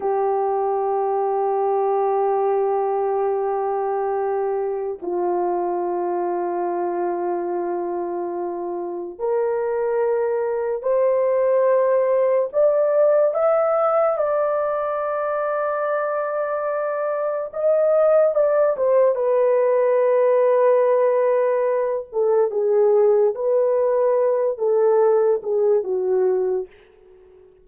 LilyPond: \new Staff \with { instrumentName = "horn" } { \time 4/4 \tempo 4 = 72 g'1~ | g'2 f'2~ | f'2. ais'4~ | ais'4 c''2 d''4 |
e''4 d''2.~ | d''4 dis''4 d''8 c''8 b'4~ | b'2~ b'8 a'8 gis'4 | b'4. a'4 gis'8 fis'4 | }